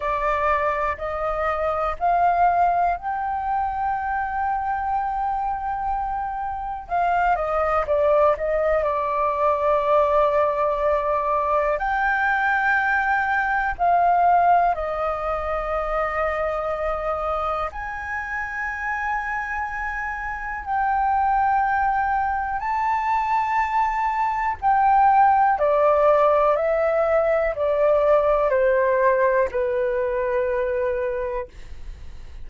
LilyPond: \new Staff \with { instrumentName = "flute" } { \time 4/4 \tempo 4 = 61 d''4 dis''4 f''4 g''4~ | g''2. f''8 dis''8 | d''8 dis''8 d''2. | g''2 f''4 dis''4~ |
dis''2 gis''2~ | gis''4 g''2 a''4~ | a''4 g''4 d''4 e''4 | d''4 c''4 b'2 | }